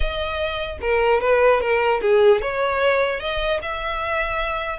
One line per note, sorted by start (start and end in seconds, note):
0.00 0.77 D#5
0.81 1.21 A#4
1.21 1.60 B4
1.60 2.00 A#4
2.01 2.41 G#4
2.41 3.20 C#5
3.20 3.60 D#5
3.62 4.79 E5